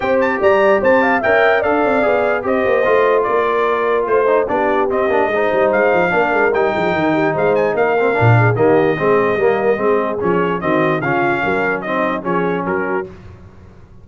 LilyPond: <<
  \new Staff \with { instrumentName = "trumpet" } { \time 4/4 \tempo 4 = 147 g''8 a''8 ais''4 a''4 g''4 | f''2 dis''2 | d''2 c''4 d''4 | dis''2 f''2 |
g''2 f''8 gis''8 f''4~ | f''4 dis''2.~ | dis''4 cis''4 dis''4 f''4~ | f''4 dis''4 cis''4 ais'4 | }
  \new Staff \with { instrumentName = "horn" } { \time 4/4 c''4 d''4 c''8 f''8 e''4 | d''2 c''2 | ais'2 c''4 g'4~ | g'4 c''2 ais'4~ |
ais'8 gis'8 ais'8 g'8 c''4 ais'4~ | ais'8 gis'8 g'4 gis'4 ais'4 | gis'2 fis'4 f'4 | ais'4 dis'4 gis'4 fis'4 | }
  \new Staff \with { instrumentName = "trombone" } { \time 4/4 g'2. ais'4 | a'4 gis'4 g'4 f'4~ | f'2~ f'8 dis'8 d'4 | c'8 d'8 dis'2 d'4 |
dis'2.~ dis'8 c'8 | d'4 ais4 c'4 ais4 | c'4 cis'4 c'4 cis'4~ | cis'4 c'4 cis'2 | }
  \new Staff \with { instrumentName = "tuba" } { \time 4/4 c'4 g4 c'4 cis'4 | d'8 c'8 b4 c'8 ais8 a4 | ais2 a4 b4 | c'8 ais8 gis8 g8 gis8 f8 ais8 gis8 |
g8 f8 dis4 gis4 ais4 | ais,4 dis4 gis4 g4 | gis4 f4 dis4 cis4 | fis2 f4 fis4 | }
>>